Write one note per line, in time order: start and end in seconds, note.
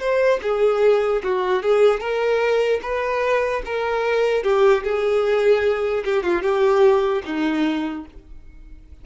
0.00 0.40 C5
0.43 1.23 G#4
1.24 1.63 F#4
1.63 2.00 G#4
2.00 2.80 A#4
2.82 3.62 B4
3.65 4.44 A#4
4.44 4.84 G4
4.84 6.04 G#4
6.05 6.23 G4
6.23 6.43 F4
6.43 7.23 G4
7.25 8.05 D#4